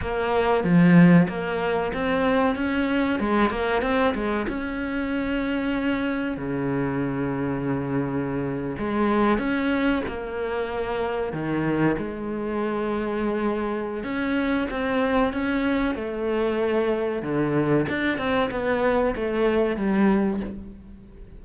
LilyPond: \new Staff \with { instrumentName = "cello" } { \time 4/4 \tempo 4 = 94 ais4 f4 ais4 c'4 | cis'4 gis8 ais8 c'8 gis8 cis'4~ | cis'2 cis2~ | cis4.~ cis16 gis4 cis'4 ais16~ |
ais4.~ ais16 dis4 gis4~ gis16~ | gis2 cis'4 c'4 | cis'4 a2 d4 | d'8 c'8 b4 a4 g4 | }